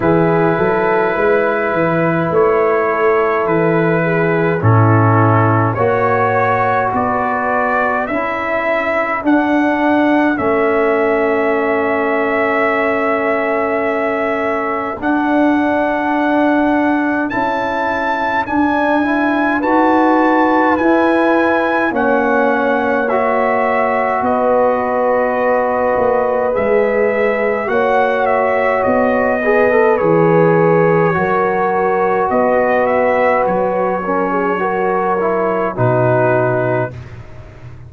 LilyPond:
<<
  \new Staff \with { instrumentName = "trumpet" } { \time 4/4 \tempo 4 = 52 b'2 cis''4 b'4 | a'4 cis''4 d''4 e''4 | fis''4 e''2.~ | e''4 fis''2 a''4 |
gis''4 a''4 gis''4 fis''4 | e''4 dis''2 e''4 | fis''8 e''8 dis''4 cis''2 | dis''8 e''8 cis''2 b'4 | }
  \new Staff \with { instrumentName = "horn" } { \time 4/4 gis'8 a'8 b'4. a'4 gis'8 | e'4 cis''4 b'4 a'4~ | a'1~ | a'1~ |
a'4 b'2 cis''4~ | cis''4 b'2. | cis''4. b'4. ais'4 | b'4. ais'16 gis'16 ais'4 fis'4 | }
  \new Staff \with { instrumentName = "trombone" } { \time 4/4 e'1 | cis'4 fis'2 e'4 | d'4 cis'2.~ | cis'4 d'2 e'4 |
d'8 e'8 fis'4 e'4 cis'4 | fis'2. gis'4 | fis'4. gis'16 a'16 gis'4 fis'4~ | fis'4. cis'8 fis'8 e'8 dis'4 | }
  \new Staff \with { instrumentName = "tuba" } { \time 4/4 e8 fis8 gis8 e8 a4 e4 | a,4 ais4 b4 cis'4 | d'4 a2.~ | a4 d'2 cis'4 |
d'4 dis'4 e'4 ais4~ | ais4 b4. ais8 gis4 | ais4 b4 e4 fis4 | b4 fis2 b,4 | }
>>